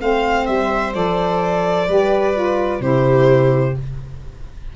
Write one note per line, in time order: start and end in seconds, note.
0.00 0.48 A3
0.00 0.93 C4
0.00 1.88 C5
0.00 0.46 F5
0.46 0.95 G3
0.46 0.93 E5
0.93 1.88 F3
0.93 1.87 A4
0.93 2.81 D5
1.87 2.79 G3
1.87 2.33 G4
1.87 2.81 B4
2.33 2.80 F4
2.79 3.73 C3
2.79 3.74 E4
2.79 3.76 G4
2.79 3.75 C5